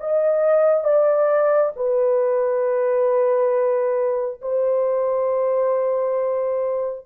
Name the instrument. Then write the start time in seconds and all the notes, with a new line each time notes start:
horn
0.00 D#5
0.84 D5
1.76 B4
4.42 C5